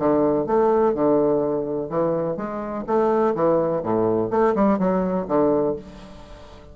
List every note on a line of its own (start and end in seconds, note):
0.00 0.47 D3
0.47 0.95 A3
0.95 1.90 D3
1.90 2.37 E3
2.37 2.85 G#3
2.87 3.35 A3
3.35 3.83 E3
3.84 4.31 A2
4.31 4.55 A3
4.56 4.79 G3
4.79 5.27 F#3
5.28 5.76 D3